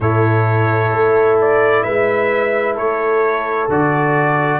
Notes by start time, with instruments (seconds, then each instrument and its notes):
0.00 tuba A2, trombone E4, horn A4, trumpet C#5
0.92 tuba A3
1.41 trumpet D5
1.83 tuba G#3, horn B4, trumpet E5
2.74 tuba A3, horn A4, trumpet C#5
3.68 tuba D3, trombone F#4, trumpet D5